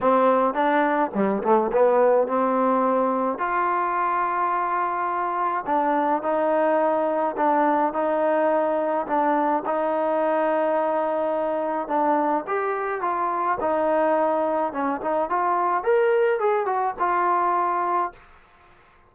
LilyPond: \new Staff \with { instrumentName = "trombone" } { \time 4/4 \tempo 4 = 106 c'4 d'4 g8 a8 b4 | c'2 f'2~ | f'2 d'4 dis'4~ | dis'4 d'4 dis'2 |
d'4 dis'2.~ | dis'4 d'4 g'4 f'4 | dis'2 cis'8 dis'8 f'4 | ais'4 gis'8 fis'8 f'2 | }